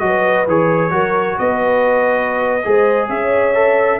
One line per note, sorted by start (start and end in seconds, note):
0.00 0.47 F#3
0.00 0.46 F#4
0.00 0.93 B4
0.00 0.45 D#5
0.47 0.91 E3
0.47 0.90 G#4
0.47 1.38 C#5
0.90 1.37 F#3
0.90 2.61 F#4
0.90 1.38 A#4
1.38 2.65 B3
1.38 2.67 B4
1.38 3.09 D#5
2.64 3.09 G#3
2.64 3.54 G#4
2.64 3.08 C5
3.08 3.99 C#4
3.08 3.99 C#5
3.08 3.99 E5
3.54 3.99 A4